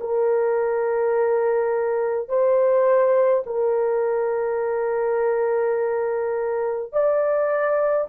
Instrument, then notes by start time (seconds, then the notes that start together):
horn
0.00 A#4
2.29 C5
3.46 A#4
6.92 D5